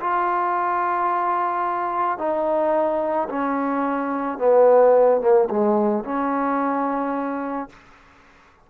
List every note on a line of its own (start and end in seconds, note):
0.00 2.18 F4
2.18 3.29 D#4
3.29 4.38 C#4
4.38 5.21 B3
5.21 5.48 A#3
5.50 6.04 G#3
6.04 7.69 C#4